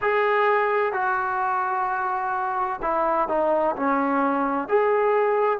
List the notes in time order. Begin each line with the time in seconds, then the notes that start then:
0.01 G#4
0.92 F#4
2.81 E4
3.28 D#4
3.75 C#4
4.68 G#4